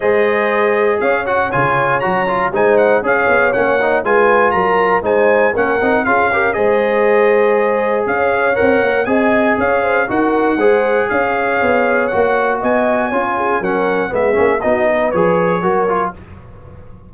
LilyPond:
<<
  \new Staff \with { instrumentName = "trumpet" } { \time 4/4 \tempo 4 = 119 dis''2 f''8 fis''8 gis''4 | ais''4 gis''8 fis''8 f''4 fis''4 | gis''4 ais''4 gis''4 fis''4 | f''4 dis''2. |
f''4 fis''4 gis''4 f''4 | fis''2 f''2 | fis''4 gis''2 fis''4 | e''4 dis''4 cis''2 | }
  \new Staff \with { instrumentName = "horn" } { \time 4/4 c''2 cis''2~ | cis''4 c''4 cis''2 | b'4 ais'4 c''4 ais'4 | gis'8 ais'8 c''2. |
cis''2 dis''4 cis''8 c''8 | ais'4 c''4 cis''2~ | cis''4 dis''4 cis''8 gis'8 ais'4 | gis'4 fis'8 b'4. ais'4 | }
  \new Staff \with { instrumentName = "trombone" } { \time 4/4 gis'2~ gis'8 fis'8 f'4 | fis'8 f'8 dis'4 gis'4 cis'8 dis'8 | f'2 dis'4 cis'8 dis'8 | f'8 g'8 gis'2.~ |
gis'4 ais'4 gis'2 | fis'4 gis'2. | fis'2 f'4 cis'4 | b8 cis'8 dis'4 gis'4 fis'8 f'8 | }
  \new Staff \with { instrumentName = "tuba" } { \time 4/4 gis2 cis'4 cis4 | fis4 gis4 cis'8 b8 ais4 | gis4 fis4 gis4 ais8 c'8 | cis'4 gis2. |
cis'4 c'8 ais8 c'4 cis'4 | dis'4 gis4 cis'4 b4 | ais4 b4 cis'4 fis4 | gis8 ais8 b4 f4 fis4 | }
>>